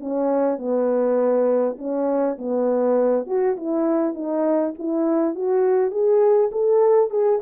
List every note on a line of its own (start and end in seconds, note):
0.00 0.58 C#4
0.58 1.77 B3
1.78 2.37 C#4
2.38 3.26 B3
3.26 3.56 F#4
3.56 4.14 E4
4.14 4.74 D#4
4.79 5.35 E4
5.35 5.91 F#4
5.91 6.50 G#4
6.52 7.10 A4
7.10 7.40 G#4